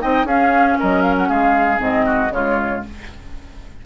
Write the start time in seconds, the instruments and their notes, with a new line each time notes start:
0.00 bassoon C4, clarinet D#4, oboe D#5, flute G5
0.25 bassoon C#4, clarinet C#4, oboe G#4, flute F5
0.79 bassoon F#3, oboe A#4, flute D#5
1.02 flute F5
1.18 flute F#5
1.29 bassoon G#3, oboe G#4, flute F5
1.78 bassoon G#2, clarinet C4, flute D#5
2.06 oboe F#4
2.31 bassoon C#3, clarinet G#3, oboe F4, flute C#5